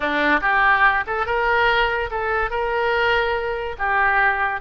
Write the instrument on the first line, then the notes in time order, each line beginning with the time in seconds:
oboe
0.00 D4
0.41 G4
1.06 A4
1.26 A#4
2.10 A4
2.50 A#4
3.78 G4